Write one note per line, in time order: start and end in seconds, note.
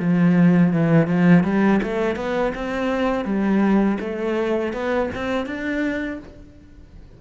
0.00 0.73 F3
0.73 1.07 E3
1.07 1.44 F3
1.44 1.81 G3
1.83 2.16 A3
2.16 2.53 B3
2.55 3.25 C4
3.25 3.98 G3
4.00 4.73 A3
4.73 5.10 B3
5.15 5.46 C4
5.46 6.19 D4